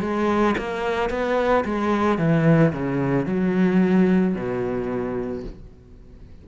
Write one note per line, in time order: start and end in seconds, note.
0.00 0.55 G#3
0.58 1.10 A#3
1.10 1.64 B3
1.64 2.18 G#3
2.18 2.72 E3
2.73 3.25 C#3
3.25 4.34 F#3
4.34 5.43 B2